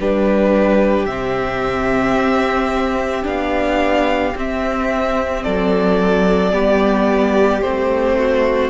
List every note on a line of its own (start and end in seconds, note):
0.00 1.06 G3
0.00 1.09 D4
0.00 5.43 G4
0.00 1.05 B4
1.05 2.15 C3
1.05 3.23 C4
1.05 3.24 E5
2.15 3.24 C4
3.23 4.33 B3
3.23 4.32 D4
3.23 4.36 F5
4.35 5.44 C4
4.35 6.52 C4
4.35 5.43 E5
5.43 6.54 F#3
5.43 6.52 A4
5.43 7.61 D5
6.52 7.63 G3
6.52 7.61 B3
6.52 8.16 G4
7.61 8.69 A3
7.61 8.69 C4
7.61 8.69 C5
8.18 8.69 F#4